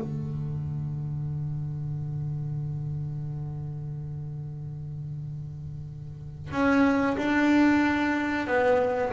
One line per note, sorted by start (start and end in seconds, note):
0.00 6.51 D3
6.51 7.17 C#4
7.17 8.47 D4
8.47 9.12 B3